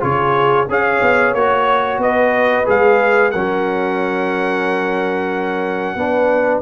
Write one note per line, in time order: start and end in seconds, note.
0.00 0.68 C#3
0.00 0.66 F4
0.00 0.68 G#4
0.00 0.68 C#5
0.68 1.01 C#4
0.68 1.36 G#4
0.68 2.02 C#5
0.68 1.34 F5
1.01 1.34 B3
1.34 1.98 A#3
1.34 2.65 F#4
1.34 2.00 C#5
1.98 2.64 B3
1.98 3.32 B4
1.98 2.68 D#5
2.65 3.34 G#3
2.65 3.31 G#4
2.65 3.31 F5
3.31 5.95 F#3
3.31 5.98 C#4
3.31 5.96 A#4
3.31 6.61 F#5
5.95 6.61 B3
5.95 6.62 D4
5.95 6.62 B4